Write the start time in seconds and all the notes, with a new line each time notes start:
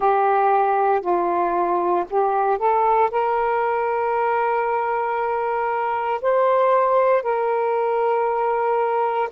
0.00 G4
1.01 F4
2.09 G4
2.58 A4
3.10 A#4
6.21 C5
7.22 A#4